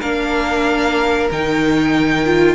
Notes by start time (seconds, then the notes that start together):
0.00 A#3 D4 A#4 F5
1.31 D#3 D#4 G5
2.26 F4